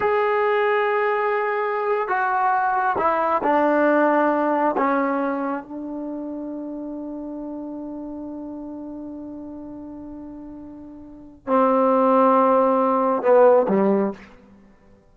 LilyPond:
\new Staff \with { instrumentName = "trombone" } { \time 4/4 \tempo 4 = 136 gis'1~ | gis'8. fis'2 e'4 d'16~ | d'2~ d'8. cis'4~ cis'16~ | cis'8. d'2.~ d'16~ |
d'1~ | d'1~ | d'2 c'2~ | c'2 b4 g4 | }